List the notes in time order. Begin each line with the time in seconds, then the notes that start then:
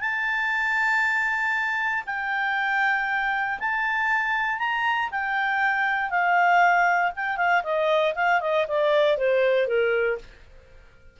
0.00 A5
2.06 G5
3.59 A5
4.59 A#5
5.11 G5
6.10 F5
7.16 G5
7.37 F5
7.63 D#5
8.15 F5
8.41 D#5
8.68 D5
9.17 C5
9.67 A#4